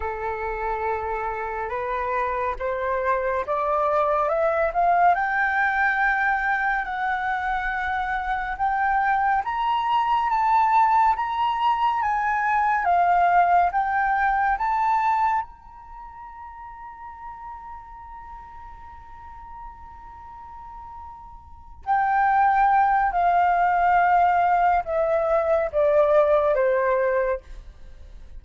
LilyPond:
\new Staff \with { instrumentName = "flute" } { \time 4/4 \tempo 4 = 70 a'2 b'4 c''4 | d''4 e''8 f''8 g''2 | fis''2 g''4 ais''4 | a''4 ais''4 gis''4 f''4 |
g''4 a''4 ais''2~ | ais''1~ | ais''4. g''4. f''4~ | f''4 e''4 d''4 c''4 | }